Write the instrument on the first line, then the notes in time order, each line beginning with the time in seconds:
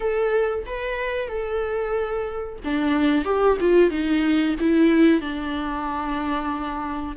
viola
0.00 A4
0.66 B4
1.28 A4
2.64 D4
3.24 G4
3.60 F4
3.90 D#4
4.59 E4
5.21 D4